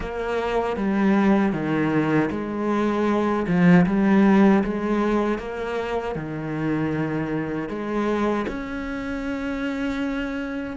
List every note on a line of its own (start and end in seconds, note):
0.00 0.76 A#3
0.76 1.52 G3
1.52 2.29 D#3
2.30 3.46 G#3
3.47 3.85 F3
3.86 4.63 G3
4.63 5.38 G#3
5.38 6.15 A#3
6.15 7.69 D#3
7.69 8.45 G#3
8.47 10.76 C#4